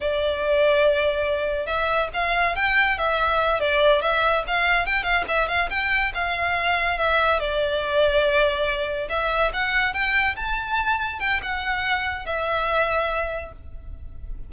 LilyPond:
\new Staff \with { instrumentName = "violin" } { \time 4/4 \tempo 4 = 142 d''1 | e''4 f''4 g''4 e''4~ | e''8 d''4 e''4 f''4 g''8 | f''8 e''8 f''8 g''4 f''4.~ |
f''8 e''4 d''2~ d''8~ | d''4. e''4 fis''4 g''8~ | g''8 a''2 g''8 fis''4~ | fis''4 e''2. | }